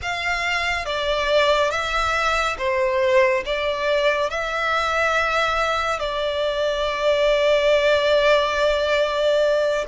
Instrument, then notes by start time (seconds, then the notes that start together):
violin
0.02 F5
0.85 D5
1.71 E5
2.58 C5
3.45 D5
4.30 E5
5.99 D5